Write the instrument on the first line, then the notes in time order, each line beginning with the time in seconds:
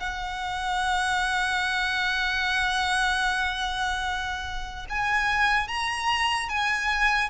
violin
0.00 F#5
4.90 G#5
5.68 A#5
6.49 G#5